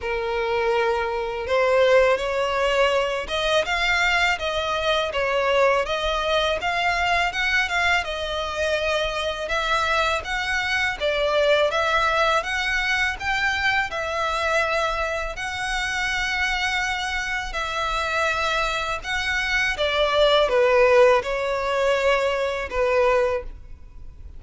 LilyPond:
\new Staff \with { instrumentName = "violin" } { \time 4/4 \tempo 4 = 82 ais'2 c''4 cis''4~ | cis''8 dis''8 f''4 dis''4 cis''4 | dis''4 f''4 fis''8 f''8 dis''4~ | dis''4 e''4 fis''4 d''4 |
e''4 fis''4 g''4 e''4~ | e''4 fis''2. | e''2 fis''4 d''4 | b'4 cis''2 b'4 | }